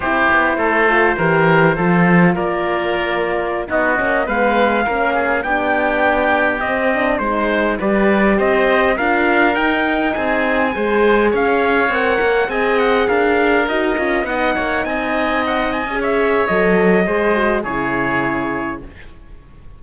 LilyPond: <<
  \new Staff \with { instrumentName = "trumpet" } { \time 4/4 \tempo 4 = 102 c''1 | d''2~ d''16 dis''4 f''8.~ | f''4~ f''16 g''2 dis''8.~ | dis''16 c''4 d''4 dis''4 f''8.~ |
f''16 g''4 gis''2 f''8.~ | f''16 fis''4 gis''8 fis''8 f''4 dis''8.~ | dis''16 fis''4 gis''4 fis''8 gis''8 e''8. | dis''2 cis''2 | }
  \new Staff \with { instrumentName = "oboe" } { \time 4/4 g'4 a'4 ais'4 a'4 | ais'2~ ais'16 fis'4 b'8.~ | b'16 ais'8 gis'8 g'2~ g'8.~ | g'16 c''4 b'4 c''4 ais'8.~ |
ais'4~ ais'16 gis'4 c''4 cis''8.~ | cis''4~ cis''16 dis''4 ais'4.~ ais'16~ | ais'16 dis''8 cis''8 dis''2 cis''8.~ | cis''4 c''4 gis'2 | }
  \new Staff \with { instrumentName = "horn" } { \time 4/4 e'4. f'8 g'4 f'4~ | f'2~ f'16 dis'8 cis'8 b8.~ | b16 cis'4 d'2 c'8 d'16~ | d'16 dis'4 g'2 f'8.~ |
f'16 dis'2 gis'4.~ gis'16~ | gis'16 ais'4 gis'2 fis'8 f'16~ | f'16 dis'2~ dis'8. gis'4 | a'4 gis'8 fis'8 e'2 | }
  \new Staff \with { instrumentName = "cello" } { \time 4/4 c'8 b8 a4 e4 f4 | ais2~ ais16 b8 ais8 gis8.~ | gis16 ais4 b2 c'8.~ | c'16 gis4 g4 c'4 d'8.~ |
d'16 dis'4 c'4 gis4 cis'8.~ | cis'16 c'8 ais8 c'4 d'4 dis'8 cis'16~ | cis'16 b8 ais8 c'4.~ c'16 cis'4 | fis4 gis4 cis2 | }
>>